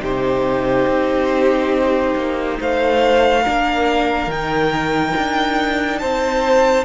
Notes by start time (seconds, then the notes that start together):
0.00 C3 D#4 G4 C5
0.86 C4
2.15 A#3
2.60 A3 C5 F5
3.42 A#3 D4 A#4
4.27 D#3 D#4 G5
5.17 D4
5.98 C4 C5 A5